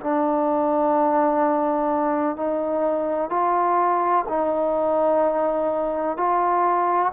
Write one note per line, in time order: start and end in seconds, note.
0.00 2.36 D4
2.36 3.30 D#4
3.30 4.25 F4
4.29 6.17 D#4
6.17 7.12 F4